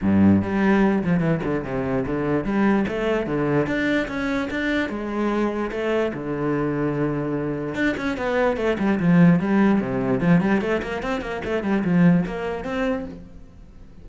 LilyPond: \new Staff \with { instrumentName = "cello" } { \time 4/4 \tempo 4 = 147 g,4 g4. f8 e8 d8 | c4 d4 g4 a4 | d4 d'4 cis'4 d'4 | gis2 a4 d4~ |
d2. d'8 cis'8 | b4 a8 g8 f4 g4 | c4 f8 g8 a8 ais8 c'8 ais8 | a8 g8 f4 ais4 c'4 | }